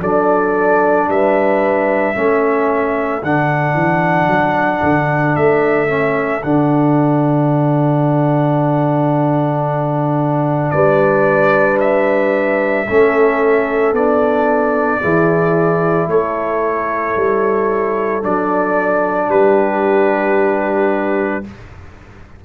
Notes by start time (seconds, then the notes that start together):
0.00 F#3 D4 A4 D5
1.07 G3 B4 E5
2.14 A3 C#4 A4
3.22 D3 D4 F#5
3.74 E3
4.27 F#3
4.82 D3
5.35 A3 E5
5.87 C#4
6.43 D3 D4 F#5
10.70 G3 B4 D5
11.80 E5
12.88 A3 C#4 A4
13.92 B3 D4 D5
15.00 E3 E4 G#4
16.07 A3 A4 C#5
17.16 G3
18.22 F#3 D4 D5
19.28 G3 G4 B4